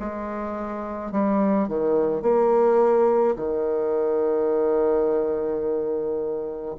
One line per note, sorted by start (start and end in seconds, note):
0.00 1.12 G#3
1.12 1.68 G3
1.68 2.22 D#3
2.22 3.36 A#3
3.36 6.76 D#3